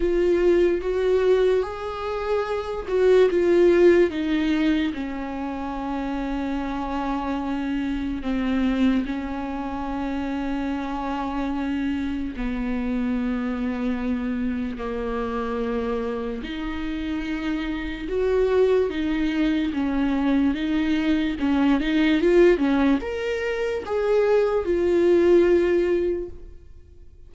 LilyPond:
\new Staff \with { instrumentName = "viola" } { \time 4/4 \tempo 4 = 73 f'4 fis'4 gis'4. fis'8 | f'4 dis'4 cis'2~ | cis'2 c'4 cis'4~ | cis'2. b4~ |
b2 ais2 | dis'2 fis'4 dis'4 | cis'4 dis'4 cis'8 dis'8 f'8 cis'8 | ais'4 gis'4 f'2 | }